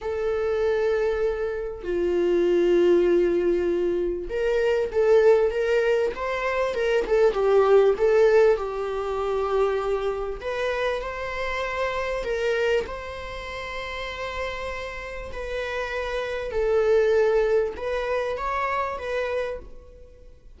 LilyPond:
\new Staff \with { instrumentName = "viola" } { \time 4/4 \tempo 4 = 98 a'2. f'4~ | f'2. ais'4 | a'4 ais'4 c''4 ais'8 a'8 | g'4 a'4 g'2~ |
g'4 b'4 c''2 | ais'4 c''2.~ | c''4 b'2 a'4~ | a'4 b'4 cis''4 b'4 | }